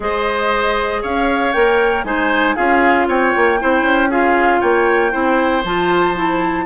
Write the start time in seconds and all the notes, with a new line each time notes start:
0.00 G#3 G#4 C5 D#5
1.02 C#4 C#5 F5
1.52 A#3 A#4 G5
2.03 G#3 D#4 C5 G#5
2.55 C#4 F4 G#4 F5
3.07 C4 C#5 G5
3.36 A#3
3.59 C4 E4 C5
3.81 C#4
4.09 F4 G#4 F5
4.60 A#3 C#5 G5
5.11 C4 E4 C5
5.64 F3 F4 A5
6.15 E4